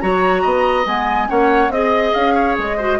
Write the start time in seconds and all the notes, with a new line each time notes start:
0.00 F#3 F#4 C#5 A#5
0.42 B3 D#5
0.85 G#3 B3 G#5
1.27 A#3 C#4 C#5 F#5
1.69 C4 G#4 D#5
2.14 C#4 F5
2.34 C#5
2.57 G#3 D#5
2.76 F#4 C5